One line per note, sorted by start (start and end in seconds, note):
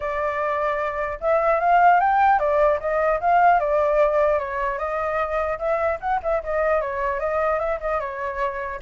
0.00 1.19 D5
1.20 1.59 E5
1.59 1.99 F5
2.00 2.39 G5
2.39 2.79 D5
2.80 3.20 D#5
3.20 3.59 F5
3.59 4.38 D5
4.38 4.78 C#5
4.78 5.58 D#5
5.58 5.98 E5
6.00 6.20 F#5
6.22 6.42 E5
6.43 6.81 D#5
6.81 7.19 C#5
7.19 7.59 D#5
7.59 7.79 E5
7.80 7.99 D#5
7.99 8.79 C#5